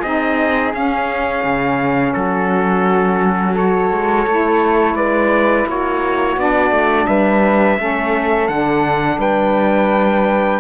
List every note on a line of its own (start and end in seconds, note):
0.00 0.74 C4
0.00 0.74 D#4
0.00 2.12 G#4
0.00 0.73 D#5
0.74 3.56 C#4
0.74 1.44 C#4
0.74 2.14 F5
1.44 2.15 C#3
2.14 3.91 F#3
2.14 3.54 F#4
2.14 3.55 A4
3.54 4.27 F#4
3.54 4.95 A4
3.54 4.96 C#5
3.91 4.27 G#3
4.27 4.95 A3
4.27 6.37 E4
4.95 5.65 G#3
4.95 5.67 B4
4.95 5.67 D5
5.67 6.37 A#3
5.67 7.08 F#4
5.67 6.40 C#5
6.37 6.71 B3
6.37 7.79 D4
6.37 7.07 D5
6.71 7.07 A3
7.07 7.79 G3
7.07 7.79 B4
7.07 8.48 E5
7.79 8.49 A3
7.79 8.49 C#4
7.79 9.20 A4
8.48 9.18 D3
8.48 10.61 D4
8.48 9.19 F#5
9.18 10.59 G3
9.18 10.61 B4
9.18 10.61 G5